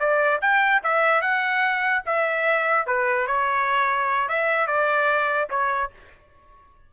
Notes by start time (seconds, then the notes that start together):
0.00 D5
0.42 G5
0.84 E5
1.22 F#5
2.06 E5
2.87 B4
3.27 C#5
4.29 E5
4.67 D5
5.50 C#5